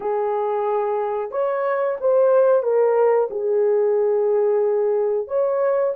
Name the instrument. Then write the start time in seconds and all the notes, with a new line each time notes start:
horn
0.00 G#4
1.31 C#5
2.00 C5
2.62 A#4
3.30 G#4
5.27 C#5